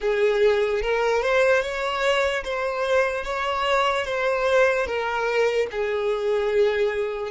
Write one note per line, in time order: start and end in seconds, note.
0.00 0.81 G#4
0.81 1.22 A#4
1.22 1.62 C5
1.62 2.43 C#5
2.44 3.24 C5
3.24 4.05 C#5
4.05 4.86 C5
4.86 5.67 A#4
5.71 7.30 G#4